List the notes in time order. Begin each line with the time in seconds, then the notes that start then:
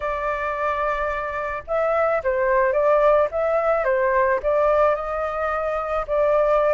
0.00 D5
1.67 E5
2.23 C5
2.72 D5
3.31 E5
3.84 C5
4.43 D5
4.95 D#5
6.07 D5